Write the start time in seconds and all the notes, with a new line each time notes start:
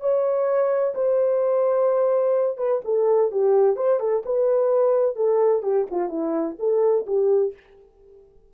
0.00 C#5
0.94 C5
2.57 B4
2.84 A4
3.31 G4
3.76 C5
4.00 A4
4.25 B4
5.16 A4
5.62 G4
5.91 F4
6.09 E4
6.59 A4
7.06 G4